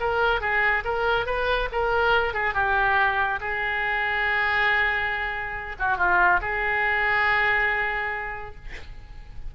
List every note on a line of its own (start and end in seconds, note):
0.00 0.41 A#4
0.41 0.84 G#4
0.85 1.26 A#4
1.26 1.69 B4
1.72 2.34 A#4
2.34 2.54 G#4
2.54 3.40 G4
3.41 5.76 G#4
5.80 5.97 F#4
5.97 6.40 F4
6.41 8.55 G#4